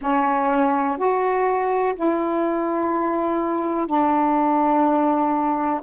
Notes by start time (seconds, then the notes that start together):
0.00 C#4
0.97 F#4
1.95 E4
3.87 D4